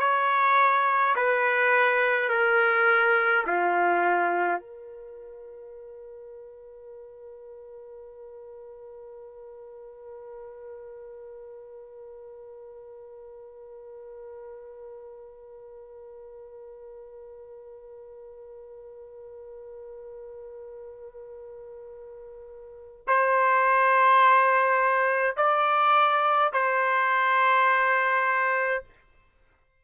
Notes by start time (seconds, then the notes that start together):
0.00 C#5
1.16 B4
2.30 A#4
3.47 F4
4.60 A#4
23.08 C5
25.37 D5
26.53 C5